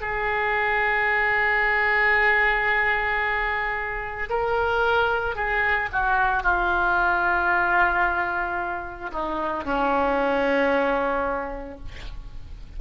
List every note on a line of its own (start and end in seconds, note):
0.00 4.29 G#4
4.29 5.35 A#4
5.35 5.88 G#4
5.92 6.43 F#4
6.43 9.11 F4
9.11 9.64 D#4
9.64 11.78 C#4